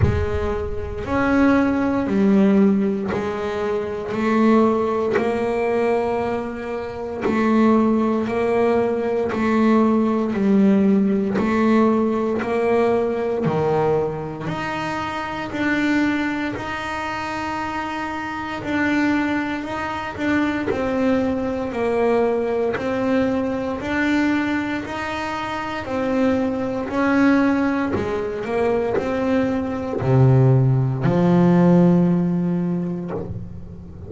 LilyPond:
\new Staff \with { instrumentName = "double bass" } { \time 4/4 \tempo 4 = 58 gis4 cis'4 g4 gis4 | a4 ais2 a4 | ais4 a4 g4 a4 | ais4 dis4 dis'4 d'4 |
dis'2 d'4 dis'8 d'8 | c'4 ais4 c'4 d'4 | dis'4 c'4 cis'4 gis8 ais8 | c'4 c4 f2 | }